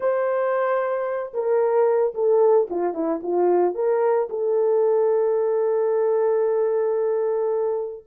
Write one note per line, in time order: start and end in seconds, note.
0.00 1.33 C5
1.33 2.14 A#4
2.14 2.68 A4
2.69 2.94 F4
2.94 3.20 E4
3.23 3.74 F4
3.74 4.28 A#4
4.29 8.04 A4